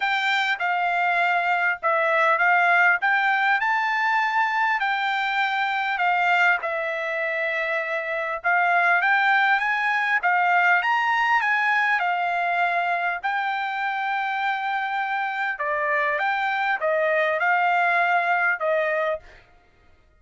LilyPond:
\new Staff \with { instrumentName = "trumpet" } { \time 4/4 \tempo 4 = 100 g''4 f''2 e''4 | f''4 g''4 a''2 | g''2 f''4 e''4~ | e''2 f''4 g''4 |
gis''4 f''4 ais''4 gis''4 | f''2 g''2~ | g''2 d''4 g''4 | dis''4 f''2 dis''4 | }